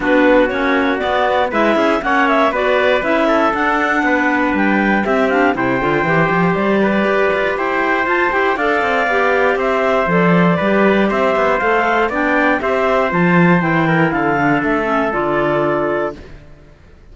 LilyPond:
<<
  \new Staff \with { instrumentName = "clarinet" } { \time 4/4 \tempo 4 = 119 b'4 cis''4 d''4 e''4 | fis''8 e''8 d''4 e''4 fis''4~ | fis''4 g''4 e''8 f''8 g''4~ | g''4 d''2 g''4 |
a''8 g''8 f''2 e''4 | d''2 e''4 f''4 | g''4 e''4 a''4 g''4 | f''4 e''4 d''2 | }
  \new Staff \with { instrumentName = "trumpet" } { \time 4/4 fis'2. b'8 gis'8 | cis''4 b'4. a'4. | b'2 g'4 c''4~ | c''4. b'4. c''4~ |
c''4 d''2 c''4~ | c''4 b'4 c''2 | d''4 c''2~ c''8 ais'8 | a'1 | }
  \new Staff \with { instrumentName = "clarinet" } { \time 4/4 d'4 cis'4 b4 e'4 | cis'4 fis'4 e'4 d'4~ | d'2 c'8 d'8 e'8 f'8 | g'1 |
f'8 g'8 a'4 g'2 | a'4 g'2 a'4 | d'4 g'4 f'4 e'4~ | e'8 d'4 cis'8 f'2 | }
  \new Staff \with { instrumentName = "cello" } { \time 4/4 b4 ais4 b4 gis8 cis'8 | ais4 b4 cis'4 d'4 | b4 g4 c'4 c8 d8 | e8 f8 g4 g'8 f'8 e'4 |
f'8 e'8 d'8 c'8 b4 c'4 | f4 g4 c'8 b8 a4 | b4 c'4 f4 e4 | d4 a4 d2 | }
>>